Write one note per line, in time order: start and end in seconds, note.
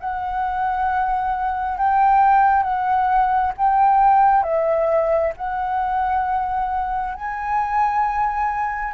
0.00 1.77 F#5
1.77 2.62 G5
2.62 3.52 F#5
3.57 4.43 G5
4.43 5.32 E5
5.36 7.14 F#5
7.14 8.93 G#5